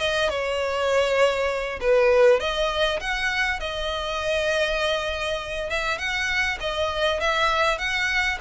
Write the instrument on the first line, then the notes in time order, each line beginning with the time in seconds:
violin
0.00 D#5
0.30 C#5
1.81 B4
2.40 D#5
3.01 F#5
3.60 D#5
5.70 E5
5.98 F#5
6.60 D#5
7.21 E5
7.79 F#5